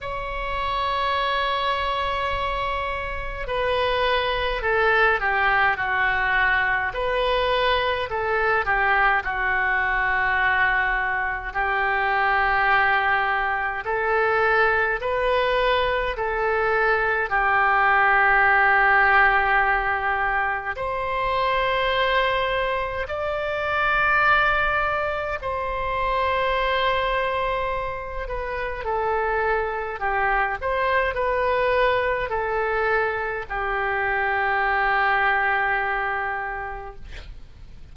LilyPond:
\new Staff \with { instrumentName = "oboe" } { \time 4/4 \tempo 4 = 52 cis''2. b'4 | a'8 g'8 fis'4 b'4 a'8 g'8 | fis'2 g'2 | a'4 b'4 a'4 g'4~ |
g'2 c''2 | d''2 c''2~ | c''8 b'8 a'4 g'8 c''8 b'4 | a'4 g'2. | }